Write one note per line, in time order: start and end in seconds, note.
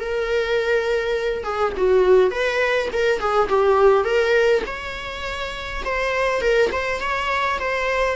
0.00 1.44 A#4
1.44 1.73 G#4
1.77 2.30 F#4
2.30 2.89 B4
2.93 3.19 A#4
3.19 3.48 G#4
3.49 4.04 G4
4.04 4.62 A#4
4.66 5.83 C#5
5.84 6.41 C5
6.41 6.70 A#4
6.72 7.00 C5
7.00 7.59 C#5
7.59 8.16 C5